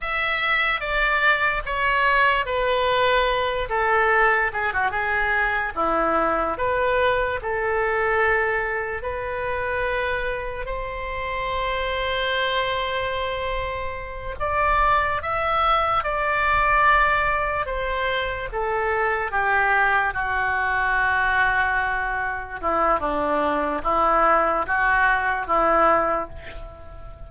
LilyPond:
\new Staff \with { instrumentName = "oboe" } { \time 4/4 \tempo 4 = 73 e''4 d''4 cis''4 b'4~ | b'8 a'4 gis'16 fis'16 gis'4 e'4 | b'4 a'2 b'4~ | b'4 c''2.~ |
c''4. d''4 e''4 d''8~ | d''4. c''4 a'4 g'8~ | g'8 fis'2. e'8 | d'4 e'4 fis'4 e'4 | }